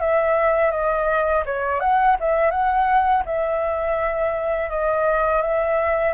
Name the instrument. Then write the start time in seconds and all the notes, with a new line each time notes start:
flute
0.00 E5
0.71 D#5
1.45 C#5
1.80 F#5
2.20 E5
2.51 F#5
3.26 E5
4.70 D#5
5.42 E5